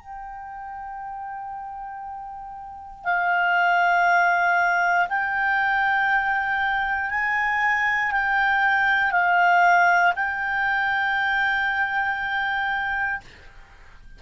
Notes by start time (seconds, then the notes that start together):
0.00 G5
3.05 F5
5.09 G5
7.10 G#5
8.12 G5
9.12 F5
10.16 G5